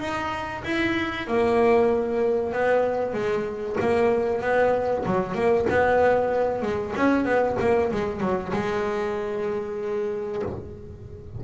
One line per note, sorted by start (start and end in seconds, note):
0.00 0.63 D#4
0.64 1.27 E4
1.27 2.53 A#3
2.53 3.13 B3
3.13 3.76 G#3
3.80 4.41 A#3
4.41 5.04 B3
5.06 5.34 F#3
5.34 5.66 A#3
5.70 6.62 B3
6.62 6.94 G#3
6.96 7.25 C#4
7.25 7.56 B3
7.60 7.91 A#3
7.91 8.20 G#3
8.20 8.52 F#3
8.53 10.42 G#3